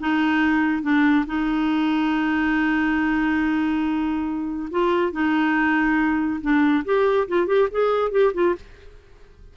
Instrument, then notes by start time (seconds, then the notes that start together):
clarinet
0.00 D#4
0.82 D4
1.26 D#4
4.71 F4
5.12 D#4
6.41 D4
6.85 G4
7.28 F4
7.47 G4
7.71 G#4
8.11 G4
8.34 F4